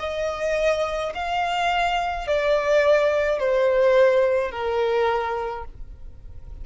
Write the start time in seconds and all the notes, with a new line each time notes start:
0.00 D#5
1.15 F5
2.28 D5
3.40 C5
4.52 A#4